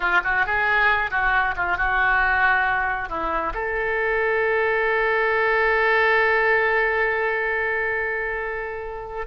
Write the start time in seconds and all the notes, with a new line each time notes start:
0.00 F4
0.23 F#4
0.45 G#4
1.10 F#4
1.56 F4
1.77 F#4
3.09 E4
3.53 A4